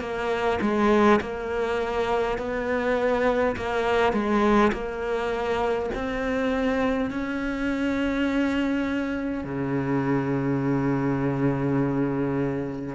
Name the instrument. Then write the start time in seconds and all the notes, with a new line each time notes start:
cello
0.00 A#3
0.61 G#3
1.21 A#3
2.38 B3
3.57 A#3
4.13 G#3
4.73 A#3
5.95 C4
7.11 C#4
9.44 C#3